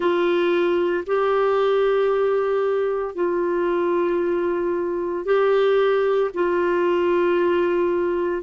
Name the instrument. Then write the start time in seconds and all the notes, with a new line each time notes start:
clarinet
0.00 F4
1.06 G4
3.14 F4
5.25 G4
6.33 F4